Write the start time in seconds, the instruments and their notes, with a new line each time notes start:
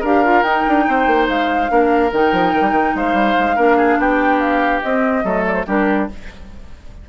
0.00 bassoon D4, clarinet G4, oboe A#4, flute F5
0.24 clarinet F4
0.42 bassoon D#4, clarinet D#4, flute G5
0.67 bassoon D4
0.88 bassoon C4, oboe C5
1.06 bassoon A#3
1.28 bassoon G#3, flute F5
1.68 bassoon A#3, clarinet D4, oboe A#4
2.12 bassoon D#3, clarinet D#4, flute G5
2.31 bassoon F3
2.54 bassoon D#3
2.61 bassoon G3
2.71 bassoon D#3
2.95 bassoon G#3, oboe C5, flute F5
3.13 bassoon G3
3.38 bassoon G#3
3.55 bassoon A#3, clarinet D4, oboe A#4
3.76 oboe G#4
3.97 bassoon B3, oboe G4, flute G5
4.39 flute F5
4.82 clarinet C4, bassoon C4, flute D#5
5.23 bassoon F#3, clarinet A3, oboe A4
5.46 flute D5
5.53 flute C5
5.66 bassoon G3, clarinet D4, oboe G4, flute A#4